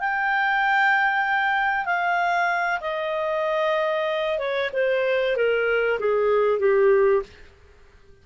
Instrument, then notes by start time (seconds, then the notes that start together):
clarinet
0.00 G5
1.85 F5
2.81 D#5
4.39 C#5
4.73 C5
5.36 A#4
5.99 G#4
6.59 G4